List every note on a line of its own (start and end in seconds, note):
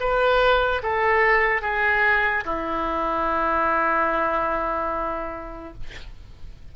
0.00 0.82 B4
0.83 1.62 A4
1.62 2.44 G#4
2.45 5.73 E4